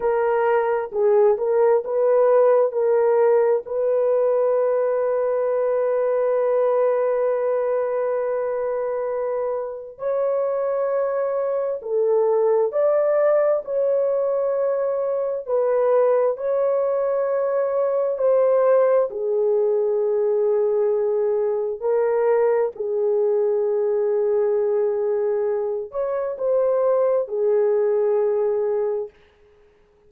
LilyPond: \new Staff \with { instrumentName = "horn" } { \time 4/4 \tempo 4 = 66 ais'4 gis'8 ais'8 b'4 ais'4 | b'1~ | b'2. cis''4~ | cis''4 a'4 d''4 cis''4~ |
cis''4 b'4 cis''2 | c''4 gis'2. | ais'4 gis'2.~ | gis'8 cis''8 c''4 gis'2 | }